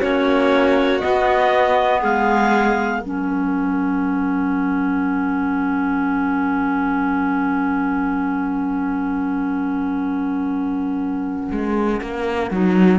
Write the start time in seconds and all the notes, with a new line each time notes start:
0.00 A#3 C#4 F#4 C#5
1.00 B3 D#5
2.00 G#3 G#4 F5
3.00 F#3 C#4 A#4 F#5
11.51 G#3
12.01 A#3
12.51 F#3 D#4